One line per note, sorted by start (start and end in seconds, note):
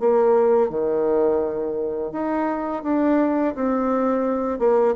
0.00 0.70 A#3
0.70 2.12 D#3
2.12 2.83 D#4
2.83 3.55 D4
3.56 4.59 C4
4.59 4.95 A#3